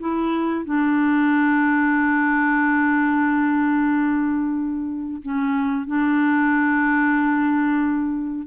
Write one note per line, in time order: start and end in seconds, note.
0.00 0.65 E4
0.65 5.22 D4
5.22 5.87 C#4
5.87 8.47 D4